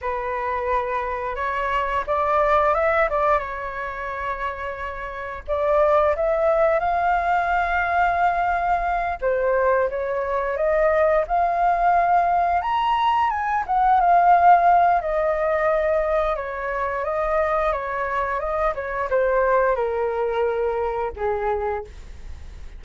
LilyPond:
\new Staff \with { instrumentName = "flute" } { \time 4/4 \tempo 4 = 88 b'2 cis''4 d''4 | e''8 d''8 cis''2. | d''4 e''4 f''2~ | f''4. c''4 cis''4 dis''8~ |
dis''8 f''2 ais''4 gis''8 | fis''8 f''4. dis''2 | cis''4 dis''4 cis''4 dis''8 cis''8 | c''4 ais'2 gis'4 | }